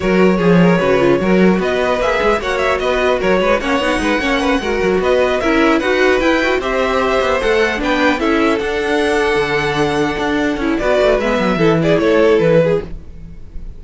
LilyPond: <<
  \new Staff \with { instrumentName = "violin" } { \time 4/4 \tempo 4 = 150 cis''1 | dis''4 e''4 fis''8 e''8 dis''4 | cis''4 fis''2.~ | fis''8 dis''4 e''4 fis''4 g''8~ |
g''8 e''2 fis''4 g''8~ | g''8 e''4 fis''2~ fis''8~ | fis''2. d''4 | e''4. d''8 cis''4 b'4 | }
  \new Staff \with { instrumentName = "violin" } { \time 4/4 ais'4 gis'8 ais'8 b'4 ais'4 | b'2 cis''4 b'4 | ais'8 b'8 cis''4 b'8 cis''8 b'8 ais'8~ | ais'8 b'4 ais'4 b'4.~ |
b'8 c''2. b'8~ | b'8 a'2.~ a'8~ | a'2. b'4~ | b'4 a'8 gis'8 a'4. gis'8 | }
  \new Staff \with { instrumentName = "viola" } { \time 4/4 fis'4 gis'4 fis'8 f'8 fis'4~ | fis'4 gis'4 fis'2~ | fis'4 cis'8 dis'4 cis'4 fis'8~ | fis'4. e'4 fis'4 e'8 |
fis'8 g'2 a'4 d'8~ | d'8 e'4 d'2~ d'8~ | d'2~ d'8 e'8 fis'4 | b4 e'2. | }
  \new Staff \with { instrumentName = "cello" } { \time 4/4 fis4 f4 cis4 fis4 | b4 ais8 gis8 ais4 b4 | fis8 gis8 ais8 b8 gis8 ais4 gis8 | fis8 b4 cis'4 dis'4 e'8~ |
e'8 c'4. b8 a4 b8~ | b8 cis'4 d'2 d8~ | d4. d'4 cis'8 b8 a8 | gis8 fis8 e4 a4 e4 | }
>>